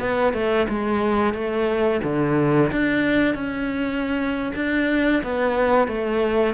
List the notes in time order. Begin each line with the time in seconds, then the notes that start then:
0.00 B3
0.34 A3
0.69 G#3
1.34 A3
2.04 D3
2.72 D4
3.35 C#4
4.56 D4
5.23 B3
5.88 A3